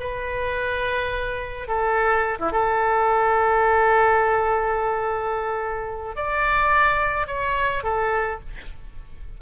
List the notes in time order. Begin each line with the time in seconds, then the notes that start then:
0.00 B4
1.68 A4
2.39 E4
2.52 A4
6.16 D5
7.27 C#5
7.84 A4